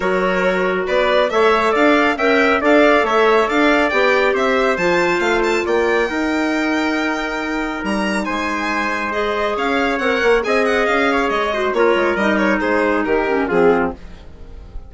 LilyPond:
<<
  \new Staff \with { instrumentName = "violin" } { \time 4/4 \tempo 4 = 138 cis''2 d''4 e''4 | f''4 g''4 f''4 e''4 | f''4 g''4 e''4 a''4 | f''8 a''8 g''2.~ |
g''2 ais''4 gis''4~ | gis''4 dis''4 f''4 fis''4 | gis''8 fis''8 f''4 dis''4 cis''4 | dis''8 cis''8 c''4 ais'4 gis'4 | }
  \new Staff \with { instrumentName = "trumpet" } { \time 4/4 ais'2 b'4 cis''4 | d''4 e''4 d''4 cis''4 | d''2 c''2~ | c''4 d''4 ais'2~ |
ais'2. c''4~ | c''2 cis''2 | dis''4. cis''4 c''8 ais'4~ | ais'4 gis'4 g'4 f'4 | }
  \new Staff \with { instrumentName = "clarinet" } { \time 4/4 fis'2. a'4~ | a'4 ais'4 a'2~ | a'4 g'2 f'4~ | f'2 dis'2~ |
dis'1~ | dis'4 gis'2 ais'4 | gis'2~ gis'8 fis'8 f'4 | dis'2~ dis'8 cis'8 c'4 | }
  \new Staff \with { instrumentName = "bassoon" } { \time 4/4 fis2 b4 a4 | d'4 cis'4 d'4 a4 | d'4 b4 c'4 f4 | a4 ais4 dis'2~ |
dis'2 g4 gis4~ | gis2 cis'4 c'8 ais8 | c'4 cis'4 gis4 ais8 gis8 | g4 gis4 dis4 f4 | }
>>